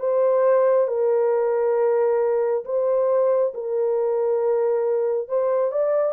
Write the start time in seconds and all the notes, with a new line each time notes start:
0.00 C5
0.88 A#4
2.65 C5
3.54 A#4
5.28 C5
5.72 D5